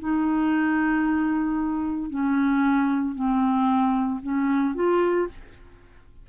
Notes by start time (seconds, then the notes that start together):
0.00 D#4
2.11 C#4
3.15 C4
4.22 C#4
4.75 F4